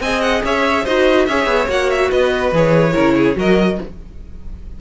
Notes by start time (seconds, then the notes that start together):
0.00 C4 G#4 D#5 G#5
0.21 F#5
0.44 C#4 C#5 E5
0.85 D#4 F#4 C5 D#5
1.26 C#4 G#4 C#5 E5
1.46 B3
1.68 A#3 F#4 F#5
1.90 E5
2.10 B3 B4 D#5
2.52 E3 G#4 C#5
2.93 C#3 E4 A#4
3.16 G#4
3.35 F#3 F#4 A#4 D#5